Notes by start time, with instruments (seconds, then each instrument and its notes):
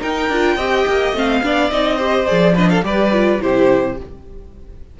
0.00 viola D#4, cello D#4, violin A#4 G5
0.29 cello D4, viola F4
0.57 cello C4, viola G4, violin D#5
0.88 cello A#3
1.13 cello A3, viola C4, violin F5
1.43 cello B3, viola D4, violin D5
1.71 cello C4, viola D#4, violin D#5
1.96 viola G4, violin C5
2.27 cello F3, viola G#4, violin D5
2.55 viola D4, violin B4 D#5
2.70 violin A4 F5
2.83 cello G3, viola G4, violin B4 D5
3.12 viola F4
3.41 cello C3, viola E4, violin G4 C5